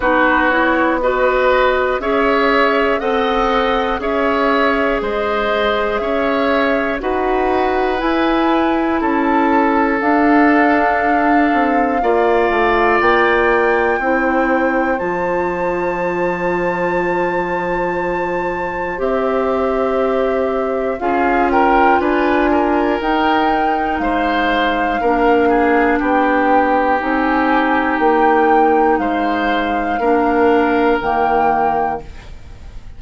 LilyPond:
<<
  \new Staff \with { instrumentName = "flute" } { \time 4/4 \tempo 4 = 60 b'8 cis''8 dis''4 e''4 fis''4 | e''4 dis''4 e''4 fis''4 | gis''4 a''4 f''2~ | f''4 g''2 a''4~ |
a''2. e''4~ | e''4 f''8 g''8 gis''4 g''4 | f''2 g''4 gis''4 | g''4 f''2 g''4 | }
  \new Staff \with { instrumentName = "oboe" } { \time 4/4 fis'4 b'4 cis''4 dis''4 | cis''4 c''4 cis''4 b'4~ | b'4 a'2. | d''2 c''2~ |
c''1~ | c''4 gis'8 ais'8 b'8 ais'4. | c''4 ais'8 gis'8 g'2~ | g'4 c''4 ais'2 | }
  \new Staff \with { instrumentName = "clarinet" } { \time 4/4 dis'8 e'8 fis'4 gis'4 a'4 | gis'2. fis'4 | e'2 d'2 | f'2 e'4 f'4~ |
f'2. g'4~ | g'4 f'2 dis'4~ | dis'4 d'2 dis'4~ | dis'2 d'4 ais4 | }
  \new Staff \with { instrumentName = "bassoon" } { \time 4/4 b2 cis'4 c'4 | cis'4 gis4 cis'4 dis'4 | e'4 cis'4 d'4. c'8 | ais8 a8 ais4 c'4 f4~ |
f2. c'4~ | c'4 cis'4 d'4 dis'4 | gis4 ais4 b4 c'4 | ais4 gis4 ais4 dis4 | }
>>